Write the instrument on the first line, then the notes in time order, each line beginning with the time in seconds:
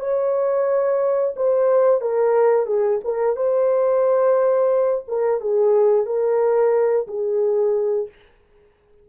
horn
0.00 C#5
1.37 C5
2.01 A#4
2.66 G#4
3.04 A#4
3.36 C5
5.08 A#4
5.41 G#4
6.06 A#4
7.08 G#4